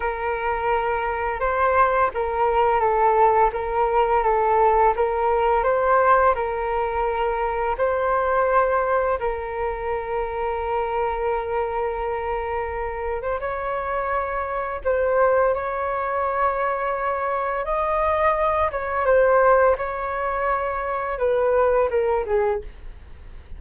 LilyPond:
\new Staff \with { instrumentName = "flute" } { \time 4/4 \tempo 4 = 85 ais'2 c''4 ais'4 | a'4 ais'4 a'4 ais'4 | c''4 ais'2 c''4~ | c''4 ais'2.~ |
ais'2~ ais'8. c''16 cis''4~ | cis''4 c''4 cis''2~ | cis''4 dis''4. cis''8 c''4 | cis''2 b'4 ais'8 gis'8 | }